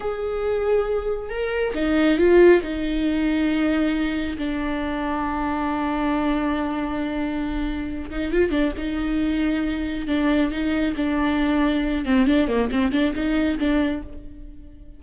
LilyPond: \new Staff \with { instrumentName = "viola" } { \time 4/4 \tempo 4 = 137 gis'2. ais'4 | dis'4 f'4 dis'2~ | dis'2 d'2~ | d'1~ |
d'2~ d'8 dis'8 f'8 d'8 | dis'2. d'4 | dis'4 d'2~ d'8 c'8 | d'8 ais8 c'8 d'8 dis'4 d'4 | }